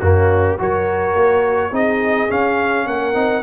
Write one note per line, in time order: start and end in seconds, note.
0.00 0.58 F#2
0.00 0.58 A#3
0.00 0.59 C#4
0.00 0.57 F#4
0.58 1.14 F#3
0.58 1.71 F#4
0.58 1.72 A#4
0.58 1.74 C#5
1.14 1.71 A#3
1.71 2.28 C4
1.71 2.28 D#4
1.71 2.86 G#4
1.71 2.31 D#5
2.28 3.13 C#4
2.28 2.86 C#4
2.28 2.87 F5
2.86 3.14 A#3
2.86 3.43 A#4
2.86 3.43 F#5
3.13 3.43 C4
3.13 3.42 D#4